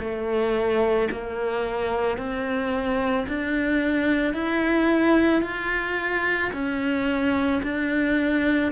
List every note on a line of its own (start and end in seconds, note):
0.00 1.09 A3
1.12 2.18 A#3
2.18 3.27 C4
3.28 4.34 D4
4.34 5.42 E4
5.42 6.52 F4
6.53 7.62 C#4
7.63 8.72 D4